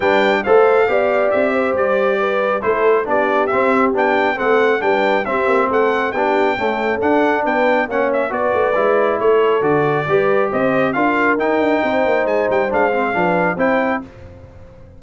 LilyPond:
<<
  \new Staff \with { instrumentName = "trumpet" } { \time 4/4 \tempo 4 = 137 g''4 f''2 e''4 | d''2 c''4 d''4 | e''4 g''4 fis''4 g''4 | e''4 fis''4 g''2 |
fis''4 g''4 fis''8 e''8 d''4~ | d''4 cis''4 d''2 | dis''4 f''4 g''2 | gis''8 g''8 f''2 g''4 | }
  \new Staff \with { instrumentName = "horn" } { \time 4/4 b'4 c''4 d''4. c''8~ | c''4 b'4 a'4 g'4~ | g'2 a'4 b'4 | g'4 a'4 g'4 a'4~ |
a'4 b'4 cis''4 b'4~ | b'4 a'2 b'4 | c''4 ais'2 c''4~ | c''2 b'4 c''4 | }
  \new Staff \with { instrumentName = "trombone" } { \time 4/4 d'4 a'4 g'2~ | g'2 e'4 d'4 | c'4 d'4 c'4 d'4 | c'2 d'4 a4 |
d'2 cis'4 fis'4 | e'2 fis'4 g'4~ | g'4 f'4 dis'2~ | dis'4 d'8 c'8 d'4 e'4 | }
  \new Staff \with { instrumentName = "tuba" } { \time 4/4 g4 a4 b4 c'4 | g2 a4 b4 | c'4 b4 a4 g4 | c'8 ais8 a4 b4 cis'4 |
d'4 b4 ais4 b8 a8 | gis4 a4 d4 g4 | c'4 d'4 dis'8 d'8 c'8 ais8 | gis8 g8 gis4 f4 c'4 | }
>>